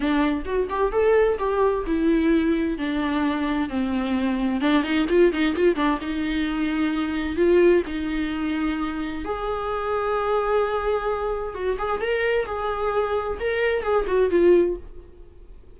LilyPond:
\new Staff \with { instrumentName = "viola" } { \time 4/4 \tempo 4 = 130 d'4 fis'8 g'8 a'4 g'4 | e'2 d'2 | c'2 d'8 dis'8 f'8 dis'8 | f'8 d'8 dis'2. |
f'4 dis'2. | gis'1~ | gis'4 fis'8 gis'8 ais'4 gis'4~ | gis'4 ais'4 gis'8 fis'8 f'4 | }